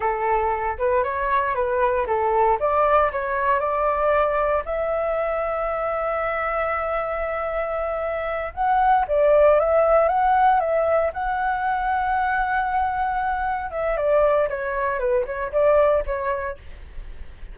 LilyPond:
\new Staff \with { instrumentName = "flute" } { \time 4/4 \tempo 4 = 116 a'4. b'8 cis''4 b'4 | a'4 d''4 cis''4 d''4~ | d''4 e''2.~ | e''1~ |
e''8 fis''4 d''4 e''4 fis''8~ | fis''8 e''4 fis''2~ fis''8~ | fis''2~ fis''8 e''8 d''4 | cis''4 b'8 cis''8 d''4 cis''4 | }